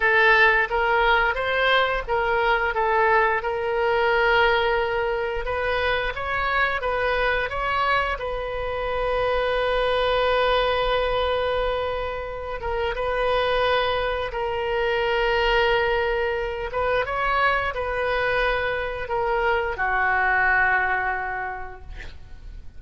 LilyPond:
\new Staff \with { instrumentName = "oboe" } { \time 4/4 \tempo 4 = 88 a'4 ais'4 c''4 ais'4 | a'4 ais'2. | b'4 cis''4 b'4 cis''4 | b'1~ |
b'2~ b'8 ais'8 b'4~ | b'4 ais'2.~ | ais'8 b'8 cis''4 b'2 | ais'4 fis'2. | }